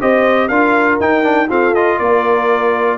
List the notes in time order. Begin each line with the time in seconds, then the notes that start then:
0.00 C4 G4 C5 D#5
0.48 D4 F4 A#4 F5
0.99 D#4 G5
1.22 D4
1.49 C4 F4 A4 F5
1.74 F4 D#5
1.98 A#3 A#4 D5